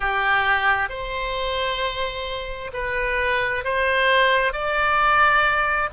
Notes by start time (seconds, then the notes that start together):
0.00 G4
0.89 C5
2.73 B4
3.64 C5
4.52 D5